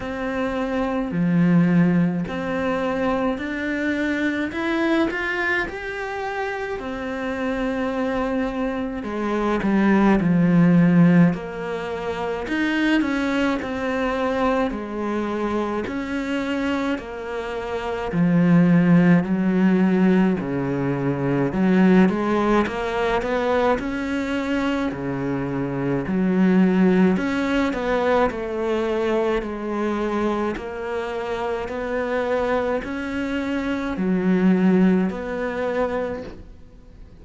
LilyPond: \new Staff \with { instrumentName = "cello" } { \time 4/4 \tempo 4 = 53 c'4 f4 c'4 d'4 | e'8 f'8 g'4 c'2 | gis8 g8 f4 ais4 dis'8 cis'8 | c'4 gis4 cis'4 ais4 |
f4 fis4 cis4 fis8 gis8 | ais8 b8 cis'4 cis4 fis4 | cis'8 b8 a4 gis4 ais4 | b4 cis'4 fis4 b4 | }